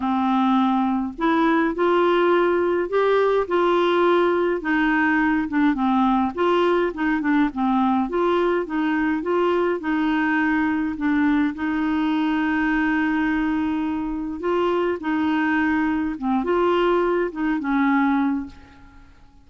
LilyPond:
\new Staff \with { instrumentName = "clarinet" } { \time 4/4 \tempo 4 = 104 c'2 e'4 f'4~ | f'4 g'4 f'2 | dis'4. d'8 c'4 f'4 | dis'8 d'8 c'4 f'4 dis'4 |
f'4 dis'2 d'4 | dis'1~ | dis'4 f'4 dis'2 | c'8 f'4. dis'8 cis'4. | }